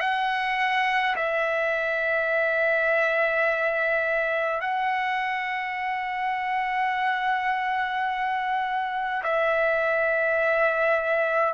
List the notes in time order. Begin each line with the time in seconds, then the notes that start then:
0.00 F#5
1.15 E5
4.61 F#5
9.23 E5